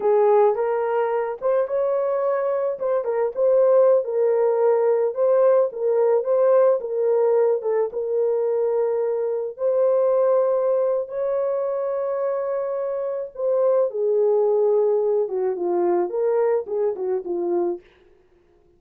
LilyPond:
\new Staff \with { instrumentName = "horn" } { \time 4/4 \tempo 4 = 108 gis'4 ais'4. c''8 cis''4~ | cis''4 c''8 ais'8 c''4~ c''16 ais'8.~ | ais'4~ ais'16 c''4 ais'4 c''8.~ | c''16 ais'4. a'8 ais'4.~ ais'16~ |
ais'4~ ais'16 c''2~ c''8. | cis''1 | c''4 gis'2~ gis'8 fis'8 | f'4 ais'4 gis'8 fis'8 f'4 | }